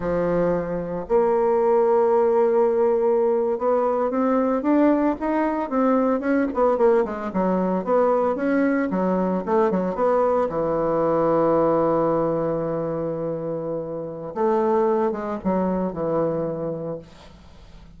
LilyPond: \new Staff \with { instrumentName = "bassoon" } { \time 4/4 \tempo 4 = 113 f2 ais2~ | ais2~ ais8. b4 c'16~ | c'8. d'4 dis'4 c'4 cis'16~ | cis'16 b8 ais8 gis8 fis4 b4 cis'16~ |
cis'8. fis4 a8 fis8 b4 e16~ | e1~ | e2. a4~ | a8 gis8 fis4 e2 | }